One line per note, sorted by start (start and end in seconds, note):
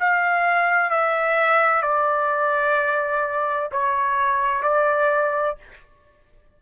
0.00 0.90 F5
0.90 1.82 E5
1.82 3.70 D5
3.72 4.63 C#5
4.63 5.57 D5